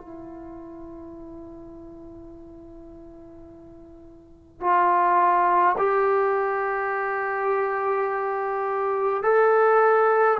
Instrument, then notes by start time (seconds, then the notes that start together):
trombone
0.00 E4
4.60 F4
5.77 G4
9.23 A4